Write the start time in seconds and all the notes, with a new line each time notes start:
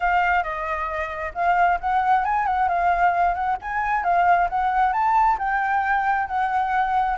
0.00 F5
0.43 D#5
1.34 F5
1.80 F#5
2.24 G#5
2.46 F#5
2.68 F5
3.34 F#5
3.61 G#5
4.03 F5
4.49 F#5
4.92 A5
5.38 G5
6.27 F#5